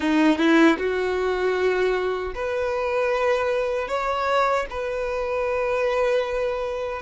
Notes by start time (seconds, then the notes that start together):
0.00 D#4
0.38 E4
0.78 F#4
2.34 B4
3.87 C#5
4.70 B4